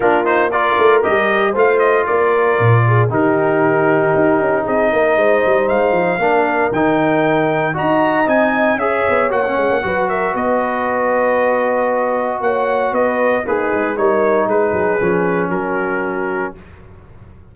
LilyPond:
<<
  \new Staff \with { instrumentName = "trumpet" } { \time 4/4 \tempo 4 = 116 ais'8 c''8 d''4 dis''4 f''8 dis''8 | d''2 ais'2~ | ais'4 dis''2 f''4~ | f''4 g''2 ais''4 |
gis''4 e''4 fis''4. e''8 | dis''1 | fis''4 dis''4 b'4 cis''4 | b'2 ais'2 | }
  \new Staff \with { instrumentName = "horn" } { \time 4/4 f'4 ais'2 c''4 | ais'4. gis'8 g'2~ | g'4 gis'8 ais'8 c''2 | ais'2. dis''4~ |
dis''4 cis''2 b'8 ais'8 | b'1 | cis''4 b'4 dis'4 ais'4 | gis'2 fis'2 | }
  \new Staff \with { instrumentName = "trombone" } { \time 4/4 d'8 dis'8 f'4 g'4 f'4~ | f'2 dis'2~ | dis'1 | d'4 dis'2 fis'4 |
dis'4 gis'4 fis'16 cis'8. fis'4~ | fis'1~ | fis'2 gis'4 dis'4~ | dis'4 cis'2. | }
  \new Staff \with { instrumentName = "tuba" } { \time 4/4 ais4. a8 g4 a4 | ais4 ais,4 dis2 | dis'8 cis'8 c'8 ais8 gis8 g8 gis8 f8 | ais4 dis2 dis'4 |
c'4 cis'8 b8 ais8 gis16 ais16 fis4 | b1 | ais4 b4 ais8 gis8 g4 | gis8 fis8 f4 fis2 | }
>>